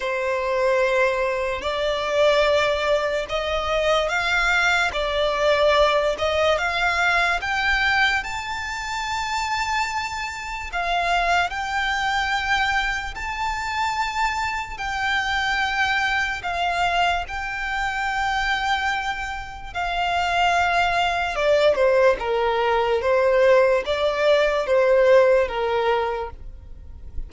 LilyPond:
\new Staff \with { instrumentName = "violin" } { \time 4/4 \tempo 4 = 73 c''2 d''2 | dis''4 f''4 d''4. dis''8 | f''4 g''4 a''2~ | a''4 f''4 g''2 |
a''2 g''2 | f''4 g''2. | f''2 d''8 c''8 ais'4 | c''4 d''4 c''4 ais'4 | }